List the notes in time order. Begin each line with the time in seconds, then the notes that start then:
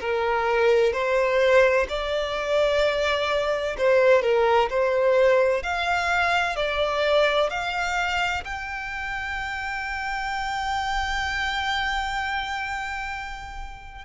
0.00 A#4
0.92 C5
1.89 D5
3.78 C5
4.22 A#4
4.70 C5
5.63 F5
6.56 D5
7.50 F5
8.44 G5